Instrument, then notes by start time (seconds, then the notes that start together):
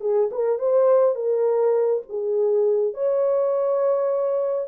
horn
0.00 G#4
0.31 A#4
0.59 C5
1.15 A#4
2.09 G#4
2.94 C#5